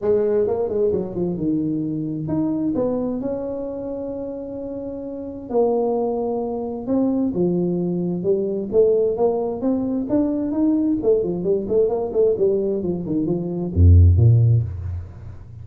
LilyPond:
\new Staff \with { instrumentName = "tuba" } { \time 4/4 \tempo 4 = 131 gis4 ais8 gis8 fis8 f8 dis4~ | dis4 dis'4 b4 cis'4~ | cis'1 | ais2. c'4 |
f2 g4 a4 | ais4 c'4 d'4 dis'4 | a8 f8 g8 a8 ais8 a8 g4 | f8 dis8 f4 f,4 ais,4 | }